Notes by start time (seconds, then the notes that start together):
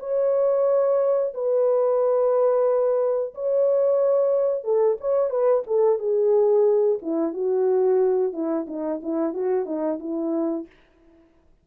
0.00 C#5
1.34 B4
3.35 C#5
4.64 A4
5.01 C#5
5.30 B4
5.67 A4
5.99 G#4
7.02 E4
7.34 F#4
8.33 E4
8.68 D#4
9.03 E4
9.34 F#4
9.66 D#4
10.00 E4